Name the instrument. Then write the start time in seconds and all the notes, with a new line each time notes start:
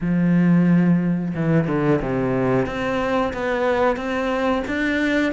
cello
0.01 F3
1.35 E3
1.67 D3
2.01 C3
2.66 C4
3.33 B3
3.96 C4
4.67 D4